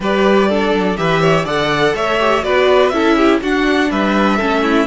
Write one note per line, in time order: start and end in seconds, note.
0.00 0.72 G3
0.00 0.50 G4
0.00 0.48 B4
0.00 0.96 D5
0.48 0.96 D4
0.48 0.97 A4
0.72 0.96 F#3
0.96 1.44 E3
0.96 1.44 G4
0.96 1.21 B4
0.96 1.45 E5
1.21 1.44 C#5
1.44 1.93 D3
1.44 2.17 A4
1.44 1.93 D5
1.44 1.95 F#5
1.94 2.43 A3
1.94 2.44 C#5
1.94 2.43 E5
2.20 2.43 G4
2.43 2.92 B3
2.43 2.91 F#4
2.43 2.93 B4
2.43 2.88 D5
2.88 3.40 C#4
2.88 3.42 E4
2.88 3.16 A4
2.88 3.37 E5
3.16 3.40 G4
3.41 3.90 D4
3.41 4.39 D4
3.41 3.90 F#4
3.41 3.91 F#5
3.90 4.39 G3
3.90 4.36 B4
3.90 4.87 E5
4.36 4.87 A3
4.36 4.87 C#4
4.36 4.61 A4
4.62 4.86 E4